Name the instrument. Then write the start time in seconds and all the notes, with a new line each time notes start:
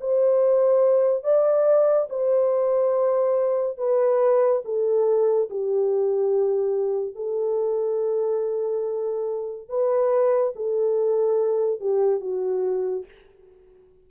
horn
0.00 C5
1.23 D5
2.09 C5
3.77 B4
4.64 A4
5.50 G4
7.15 A4
9.68 B4
10.55 A4
11.80 G4
12.20 F#4